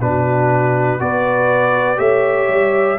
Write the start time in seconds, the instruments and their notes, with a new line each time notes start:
0.00 tuba B2, trombone D4, horn F#4, trumpet B4
0.99 tuba B3, trombone F#4, horn B4, trumpet D5
1.96 tuba A3, trombone G4, horn C#5, trumpet E5
2.49 tuba G3